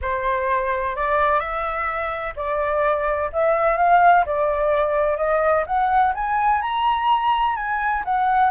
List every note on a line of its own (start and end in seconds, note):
0.01 0.96 C5
0.96 1.39 D5
1.39 2.34 E5
2.36 3.30 D5
3.32 3.77 E5
3.77 4.24 F5
4.25 5.17 D5
5.17 5.64 D#5
5.66 6.13 F#5
6.14 6.61 G#5
6.61 7.56 A#5
7.56 8.03 G#5
8.04 8.50 F#5